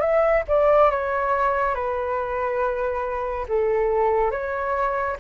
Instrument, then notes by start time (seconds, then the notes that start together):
flute
0.00 E5
0.48 D5
0.91 C#5
1.75 B4
3.49 A4
4.31 C#5